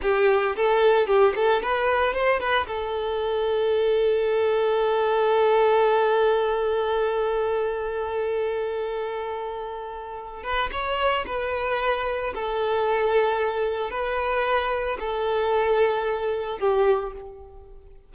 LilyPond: \new Staff \with { instrumentName = "violin" } { \time 4/4 \tempo 4 = 112 g'4 a'4 g'8 a'8 b'4 | c''8 b'8 a'2.~ | a'1~ | a'1~ |
a'2.~ a'8 b'8 | cis''4 b'2 a'4~ | a'2 b'2 | a'2. g'4 | }